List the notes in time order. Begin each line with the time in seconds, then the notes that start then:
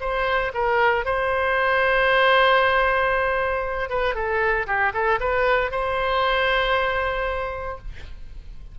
0.00 C5
0.54 A#4
1.05 C5
3.89 B4
4.14 A4
4.66 G4
4.93 A4
5.20 B4
5.71 C5